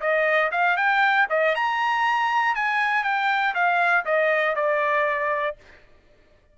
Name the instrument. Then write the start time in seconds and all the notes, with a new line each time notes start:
trumpet
0.00 D#5
0.51 F5
0.77 G5
1.29 D#5
1.55 A#5
2.55 G#5
3.03 G5
3.54 F5
4.05 D#5
4.55 D5